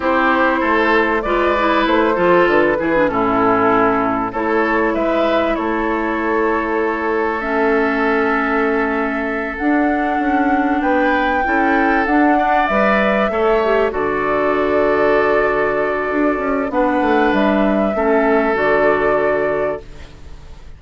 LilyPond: <<
  \new Staff \with { instrumentName = "flute" } { \time 4/4 \tempo 4 = 97 c''2 d''4 c''4 | b'4 a'2 cis''4 | e''4 cis''2. | e''2.~ e''8 fis''8~ |
fis''4. g''2 fis''8~ | fis''8 e''2 d''4.~ | d''2. fis''4 | e''2 d''2 | }
  \new Staff \with { instrumentName = "oboe" } { \time 4/4 g'4 a'4 b'4. a'8~ | a'8 gis'8 e'2 a'4 | b'4 a'2.~ | a'1~ |
a'4. b'4 a'4. | d''4. cis''4 a'4.~ | a'2. b'4~ | b'4 a'2. | }
  \new Staff \with { instrumentName = "clarinet" } { \time 4/4 e'2 f'8 e'4 f'8~ | f'8 e'16 d'16 cis'2 e'4~ | e'1 | cis'2.~ cis'8 d'8~ |
d'2~ d'8 e'4 d'8~ | d'8 b'4 a'8 g'8 fis'4.~ | fis'2. d'4~ | d'4 cis'4 fis'2 | }
  \new Staff \with { instrumentName = "bassoon" } { \time 4/4 c'4 a4 gis4 a8 f8 | d8 e8 a,2 a4 | gis4 a2.~ | a2.~ a8 d'8~ |
d'8 cis'4 b4 cis'4 d'8~ | d'8 g4 a4 d4.~ | d2 d'8 cis'8 b8 a8 | g4 a4 d2 | }
>>